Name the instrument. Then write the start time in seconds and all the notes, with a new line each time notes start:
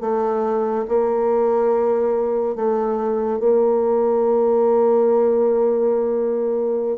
bassoon
0.00 A3
0.88 A#3
2.55 A3
3.39 A#3